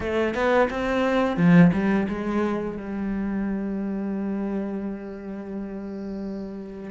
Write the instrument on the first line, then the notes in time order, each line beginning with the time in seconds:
cello
0.00 A3
0.34 B3
0.70 C4
1.36 F3
1.72 G3
2.08 G#3
2.77 G3